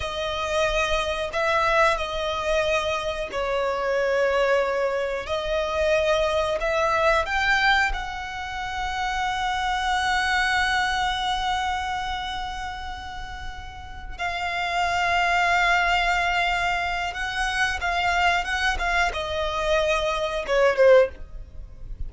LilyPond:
\new Staff \with { instrumentName = "violin" } { \time 4/4 \tempo 4 = 91 dis''2 e''4 dis''4~ | dis''4 cis''2. | dis''2 e''4 g''4 | fis''1~ |
fis''1~ | fis''4. f''2~ f''8~ | f''2 fis''4 f''4 | fis''8 f''8 dis''2 cis''8 c''8 | }